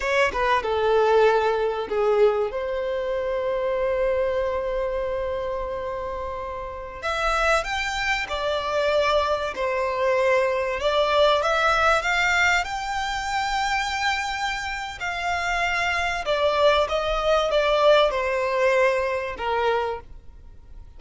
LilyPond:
\new Staff \with { instrumentName = "violin" } { \time 4/4 \tempo 4 = 96 cis''8 b'8 a'2 gis'4 | c''1~ | c''2.~ c''16 e''8.~ | e''16 g''4 d''2 c''8.~ |
c''4~ c''16 d''4 e''4 f''8.~ | f''16 g''2.~ g''8. | f''2 d''4 dis''4 | d''4 c''2 ais'4 | }